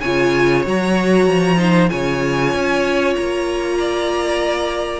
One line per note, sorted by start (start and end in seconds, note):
0.00 0.65 C#3
0.00 0.64 F4
0.00 1.57 C#5
0.00 0.62 G#5
0.64 1.27 F#3
0.64 1.56 F#4
0.64 1.89 A#5
1.27 1.89 F3
1.56 1.88 D#4
1.56 1.90 C5
1.89 2.53 C#3
1.89 5.00 F4
1.89 3.77 C#5
1.89 3.14 G#5
2.53 3.16 C#4
3.15 5.00 A#3
3.15 5.00 A#5
3.79 5.00 D5